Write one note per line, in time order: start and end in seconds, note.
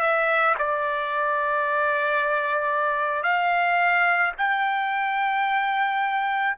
0.00 0.55 E5
0.58 3.23 D5
3.23 4.32 F5
4.37 6.56 G5